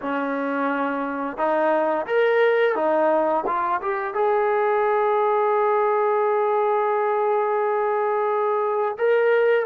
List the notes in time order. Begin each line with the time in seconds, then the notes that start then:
0.01 C#4
1.37 D#4
2.06 A#4
2.75 D#4
3.46 F4
3.81 G4
4.14 G#4
8.97 A#4